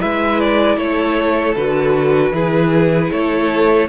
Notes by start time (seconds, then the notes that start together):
0.00 G#3 E4 B4 E5
0.40 D5
0.77 A3 A4 C#5
1.56 D3 F#4 B4
2.31 E3 E4 G#4
3.12 A3 A4 C#5